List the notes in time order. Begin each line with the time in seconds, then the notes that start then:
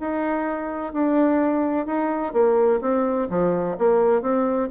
0.00 D#4
0.93 D4
1.86 D#4
2.33 A#3
2.81 C4
3.29 F3
3.78 A#3
4.22 C4